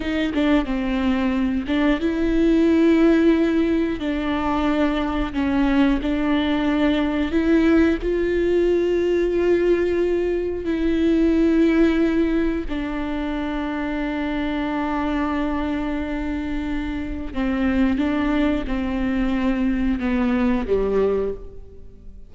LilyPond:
\new Staff \with { instrumentName = "viola" } { \time 4/4 \tempo 4 = 90 dis'8 d'8 c'4. d'8 e'4~ | e'2 d'2 | cis'4 d'2 e'4 | f'1 |
e'2. d'4~ | d'1~ | d'2 c'4 d'4 | c'2 b4 g4 | }